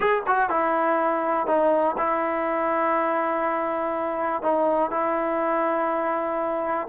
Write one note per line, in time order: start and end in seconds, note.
0.00 0.22 G#4
0.27 0.49 F#4
0.49 1.46 E4
1.46 1.96 D#4
1.97 4.42 E4
4.42 4.90 D#4
4.90 6.87 E4